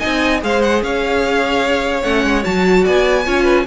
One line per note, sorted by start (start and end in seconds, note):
0.00 0.43 C4
0.00 0.41 D#4
0.00 0.41 D#5
0.00 0.41 G#5
0.41 0.83 G#3
0.41 2.03 G#4
0.41 0.84 C5
0.41 0.62 F5
0.62 0.83 F#5
0.83 2.04 C#4
0.83 2.83 C#5
0.83 2.03 F5
2.03 2.24 A3
2.03 2.42 C#4
2.03 2.44 F#5
2.24 2.45 G#3
2.42 2.87 F#3
2.42 3.23 F#4
2.42 2.85 A5
2.83 3.27 B3
2.83 3.24 D5
2.83 3.66 G#5
3.26 3.67 C#4
3.26 3.67 F4
3.26 3.44 C#5
3.44 3.64 B4